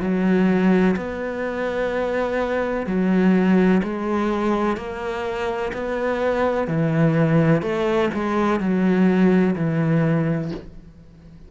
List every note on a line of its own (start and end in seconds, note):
0.00 0.95 F#3
0.96 2.86 B3
2.86 3.81 F#3
3.83 4.76 G#3
4.76 5.71 A#3
5.73 6.68 B3
6.68 7.61 E3
7.61 8.09 A3
8.14 8.60 G#3
8.60 9.55 F#3
9.55 10.51 E3